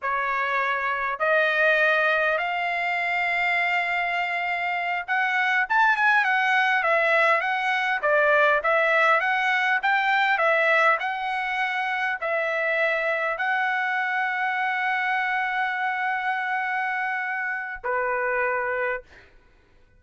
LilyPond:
\new Staff \with { instrumentName = "trumpet" } { \time 4/4 \tempo 4 = 101 cis''2 dis''2 | f''1~ | f''8 fis''4 a''8 gis''8 fis''4 e''8~ | e''8 fis''4 d''4 e''4 fis''8~ |
fis''8 g''4 e''4 fis''4.~ | fis''8 e''2 fis''4.~ | fis''1~ | fis''2 b'2 | }